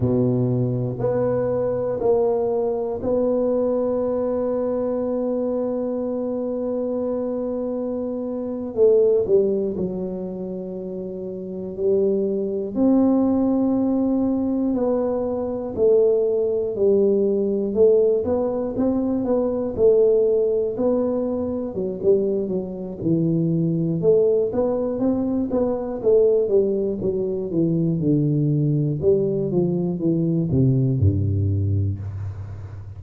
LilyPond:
\new Staff \with { instrumentName = "tuba" } { \time 4/4 \tempo 4 = 60 b,4 b4 ais4 b4~ | b1~ | b8. a8 g8 fis2 g16~ | g8. c'2 b4 a16~ |
a8. g4 a8 b8 c'8 b8 a16~ | a8. b4 fis16 g8 fis8 e4 | a8 b8 c'8 b8 a8 g8 fis8 e8 | d4 g8 f8 e8 c8 g,4 | }